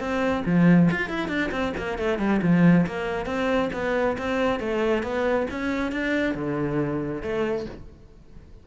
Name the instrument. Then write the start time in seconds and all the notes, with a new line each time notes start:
cello
0.00 C4
0.46 F3
0.91 F4
1.10 E4
1.29 D4
1.52 C4
1.78 A#3
1.98 A3
2.19 G3
2.43 F3
2.87 A#3
3.26 C4
3.73 B3
4.18 C4
4.60 A3
5.03 B3
5.51 C#4
5.92 D4
6.35 D3
7.22 A3